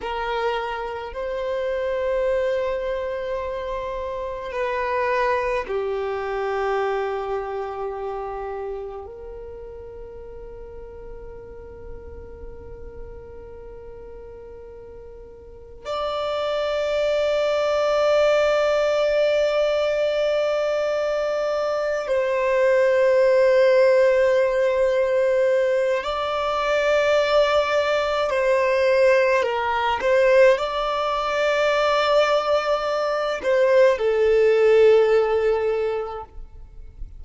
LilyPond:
\new Staff \with { instrumentName = "violin" } { \time 4/4 \tempo 4 = 53 ais'4 c''2. | b'4 g'2. | ais'1~ | ais'2 d''2~ |
d''2.~ d''8 c''8~ | c''2. d''4~ | d''4 c''4 ais'8 c''8 d''4~ | d''4. c''8 a'2 | }